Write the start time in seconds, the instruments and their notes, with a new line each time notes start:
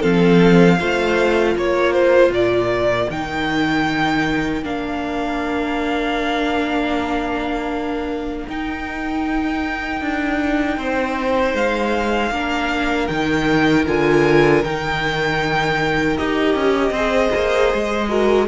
0.00 cello F3, viola C4, violin A4 F5
0.79 cello A3, viola F4, violin C5
1.55 cello A#3, violin A#4 C#5
1.93 violin C5
2.30 cello A#2, violin D5
3.11 cello D#3, viola D#4, violin G5
4.63 cello A#3, viola D4, violin F5
8.48 cello D#4, viola D#4, violin G5
10.02 cello D4
10.78 cello C4, violin C5
11.55 cello G#3, violin F5
12.31 cello A#3, viola D4, violin A#4
13.08 cello D#3, viola D#4, violin G5
13.87 cello D3, viola F4, violin G#5
14.65 cello D#3, viola D#4, violin G5
16.18 cello D#4, viola G4, violin D#5
16.56 cello C#4
16.91 cello C4, viola G#4, violin C5
17.35 cello A#3
17.74 cello G#3
18.09 viola F#4, violin A#4